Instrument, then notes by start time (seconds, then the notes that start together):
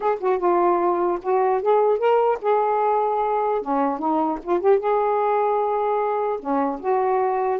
saxophone
0.00 G#4
0.20 F#4
0.38 F4
1.22 F#4
1.61 G#4
1.98 A#4
2.41 G#4
3.61 C#4
3.98 D#4
4.42 F4
4.60 G4
4.79 G#4
6.39 C#4
6.80 F#4